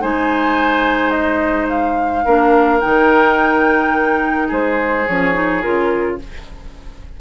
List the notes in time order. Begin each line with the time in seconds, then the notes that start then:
0.00 G#3 D#4 C5 G#5
1.10 D#5
1.69 F5
2.24 A#3 D4 A#4
2.80 D#3 D#4 G5
4.48 G#3 G#4 C5
5.07 F3 C#4 C#5
5.33 D#4
5.62 C#3 F4 A#4